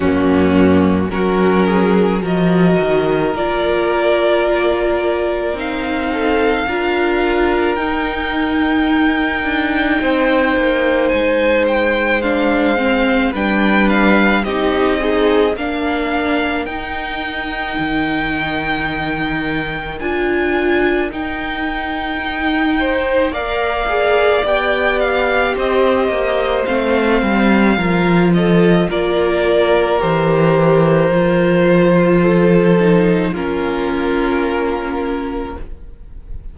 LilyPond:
<<
  \new Staff \with { instrumentName = "violin" } { \time 4/4 \tempo 4 = 54 fis'4 ais'4 dis''4 d''4~ | d''4 f''2 g''4~ | g''2 gis''8 g''8 f''4 | g''8 f''8 dis''4 f''4 g''4~ |
g''2 gis''4 g''4~ | g''4 f''4 g''8 f''8 dis''4 | f''4. dis''8 d''4 c''4~ | c''2 ais'2 | }
  \new Staff \with { instrumentName = "violin" } { \time 4/4 cis'4 fis'8 gis'8 ais'2~ | ais'4. a'8 ais'2~ | ais'4 c''2. | b'4 g'8 dis'8 ais'2~ |
ais'1~ | ais'8 c''8 d''2 c''4~ | c''4 ais'8 a'8 ais'2~ | ais'4 a'4 f'2 | }
  \new Staff \with { instrumentName = "viola" } { \time 4/4 ais4 cis'4 fis'4 f'4~ | f'4 dis'4 f'4 dis'4~ | dis'2. d'8 c'8 | d'4 dis'8 gis'8 d'4 dis'4~ |
dis'2 f'4 dis'4~ | dis'4 ais'8 gis'8 g'2 | c'4 f'2 g'4 | f'4. dis'8 cis'2 | }
  \new Staff \with { instrumentName = "cello" } { \time 4/4 fis,4 fis4 f8 dis8 ais4~ | ais4 c'4 d'4 dis'4~ | dis'8 d'8 c'8 ais8 gis2 | g4 c'4 ais4 dis'4 |
dis2 d'4 dis'4~ | dis'4 ais4 b4 c'8 ais8 | a8 g8 f4 ais4 e4 | f2 ais2 | }
>>